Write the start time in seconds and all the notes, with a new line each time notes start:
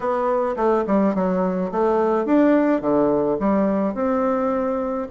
0.00 B3
0.56 A3
0.86 G3
1.14 F#3
1.71 A3
2.25 D4
2.81 D3
3.39 G3
3.94 C4